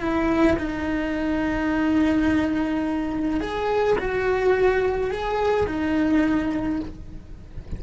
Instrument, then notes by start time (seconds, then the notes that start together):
cello
0.00 E4
0.58 D#4
3.40 G#4
3.98 F#4
5.10 G#4
5.67 D#4